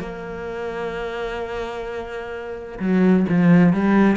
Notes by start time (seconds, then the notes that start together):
0.00 A#3
2.80 F#3
3.29 F3
3.73 G3